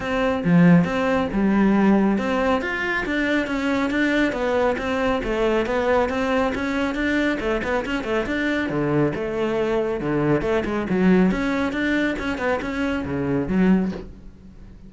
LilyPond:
\new Staff \with { instrumentName = "cello" } { \time 4/4 \tempo 4 = 138 c'4 f4 c'4 g4~ | g4 c'4 f'4 d'4 | cis'4 d'4 b4 c'4 | a4 b4 c'4 cis'4 |
d'4 a8 b8 cis'8 a8 d'4 | d4 a2 d4 | a8 gis8 fis4 cis'4 d'4 | cis'8 b8 cis'4 cis4 fis4 | }